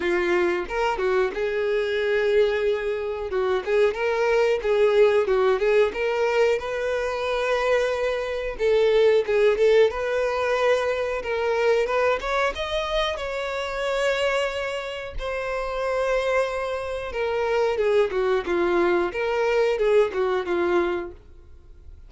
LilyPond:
\new Staff \with { instrumentName = "violin" } { \time 4/4 \tempo 4 = 91 f'4 ais'8 fis'8 gis'2~ | gis'4 fis'8 gis'8 ais'4 gis'4 | fis'8 gis'8 ais'4 b'2~ | b'4 a'4 gis'8 a'8 b'4~ |
b'4 ais'4 b'8 cis''8 dis''4 | cis''2. c''4~ | c''2 ais'4 gis'8 fis'8 | f'4 ais'4 gis'8 fis'8 f'4 | }